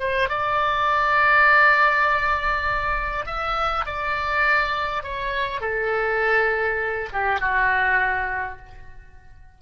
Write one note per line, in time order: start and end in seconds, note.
0.00 0.29 C5
0.29 3.26 D5
3.26 3.86 E5
3.86 5.04 D5
5.04 5.61 C#5
5.61 7.10 A4
7.13 7.40 G4
7.40 8.59 F#4